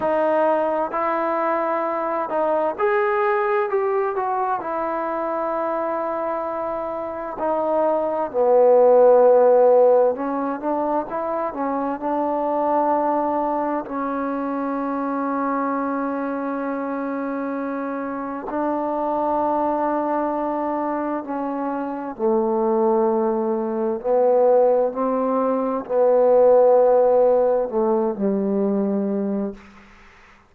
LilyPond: \new Staff \with { instrumentName = "trombone" } { \time 4/4 \tempo 4 = 65 dis'4 e'4. dis'8 gis'4 | g'8 fis'8 e'2. | dis'4 b2 cis'8 d'8 | e'8 cis'8 d'2 cis'4~ |
cis'1 | d'2. cis'4 | a2 b4 c'4 | b2 a8 g4. | }